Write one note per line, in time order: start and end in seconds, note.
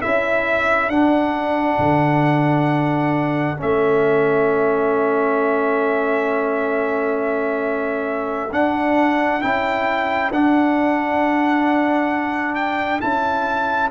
0.00 0.89 C#4
0.00 0.92 E4
0.00 13.88 A4
0.00 0.89 E5
0.89 1.78 D4
0.89 3.57 D4
0.89 3.58 F#5
1.79 3.58 D3
3.57 8.53 A3
3.57 8.50 C#4
3.57 8.53 E5
8.52 9.41 D4
8.52 9.42 D4
8.52 9.41 F#5
9.41 10.31 C#4
9.41 10.31 E4
9.41 10.31 G5
10.31 12.99 D4
10.31 13.01 D4
10.31 12.55 F#5
12.55 13.00 G5
13.01 13.91 C#4
13.01 13.91 E4
13.01 13.90 A5